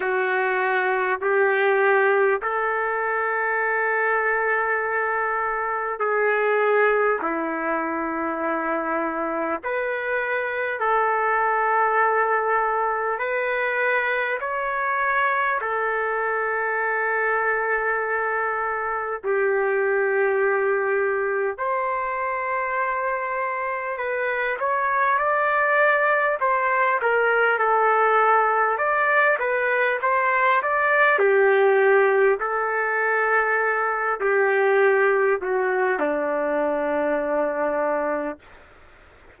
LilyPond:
\new Staff \with { instrumentName = "trumpet" } { \time 4/4 \tempo 4 = 50 fis'4 g'4 a'2~ | a'4 gis'4 e'2 | b'4 a'2 b'4 | cis''4 a'2. |
g'2 c''2 | b'8 cis''8 d''4 c''8 ais'8 a'4 | d''8 b'8 c''8 d''8 g'4 a'4~ | a'8 g'4 fis'8 d'2 | }